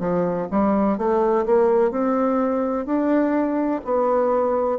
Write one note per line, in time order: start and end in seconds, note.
0.00 0.48 F3
0.51 0.98 G3
0.98 1.45 A3
1.46 1.91 A#3
1.91 2.86 C4
2.86 3.81 D4
3.84 4.79 B3